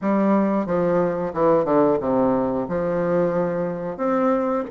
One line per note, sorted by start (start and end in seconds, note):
0.01 0.66 G3
0.66 1.32 F3
1.33 1.65 E3
1.65 1.98 D3
2.00 2.67 C3
2.68 3.97 F3
3.97 4.63 C4